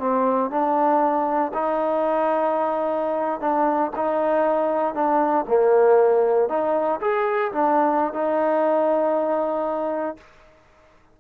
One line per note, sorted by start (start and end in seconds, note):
0.00 0.51 C4
0.51 1.52 D4
1.54 3.41 D#4
3.41 3.92 D4
3.96 4.95 D#4
4.95 5.45 D4
5.48 6.49 A#3
6.49 7.00 D#4
7.01 7.52 G#4
7.52 8.14 D4
8.14 10.17 D#4